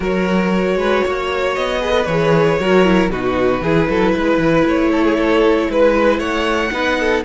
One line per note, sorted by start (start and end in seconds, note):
0.00 0.76 F#3
0.00 1.80 F#4
0.00 0.77 A#4
0.00 1.55 C#5
0.76 1.01 G#3
0.76 1.03 B4
1.03 1.57 A#3
1.03 1.81 C#5
1.55 2.06 B3
1.55 2.05 D#5
1.80 1.91 G#4
1.80 2.59 B4
1.91 2.04 A4
2.05 2.58 E3
2.05 2.60 G#4
2.05 3.09 C#5
2.59 3.09 F#3
2.59 2.84 F#4
2.59 3.11 A#4
2.84 3.10 E4
3.09 3.60 B2
3.09 3.61 D#4
3.09 3.62 F#4
3.09 4.66 B4
3.60 3.86 E3
3.60 6.72 E4
3.60 3.88 G#4
3.89 4.15 F#3
3.89 4.12 A4
4.12 4.37 G#3
4.12 4.89 B4
4.37 4.63 E3
4.65 5.68 A3
4.65 5.70 C#5
4.91 5.04 A4
5.04 5.16 G#4
5.16 5.67 A4
5.69 6.18 G#3
5.69 6.19 B4
6.18 6.70 A3
6.18 6.71 C#5
6.18 7.23 F#5
6.71 7.23 B3
6.71 7.23 D#4
6.71 6.98 B4
6.99 7.24 A4